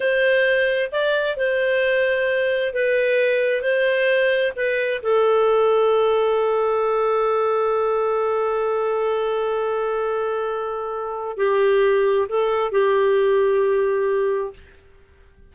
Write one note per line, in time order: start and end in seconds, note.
0.00 0.90 C5
0.91 1.37 D5
1.37 2.73 C5
2.73 3.61 B4
3.61 4.52 C5
4.56 5.01 B4
5.02 11.37 A4
11.37 12.28 G4
12.29 12.71 A4
12.71 14.53 G4